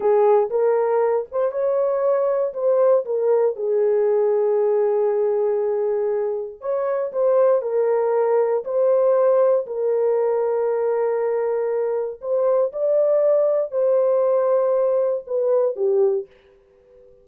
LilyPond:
\new Staff \with { instrumentName = "horn" } { \time 4/4 \tempo 4 = 118 gis'4 ais'4. c''8 cis''4~ | cis''4 c''4 ais'4 gis'4~ | gis'1~ | gis'4 cis''4 c''4 ais'4~ |
ais'4 c''2 ais'4~ | ais'1 | c''4 d''2 c''4~ | c''2 b'4 g'4 | }